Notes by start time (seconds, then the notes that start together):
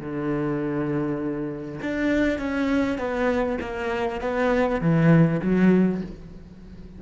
0.00 D3
1.82 D4
2.39 C#4
2.99 B3
3.61 A#3
4.21 B3
4.81 E3
5.42 F#3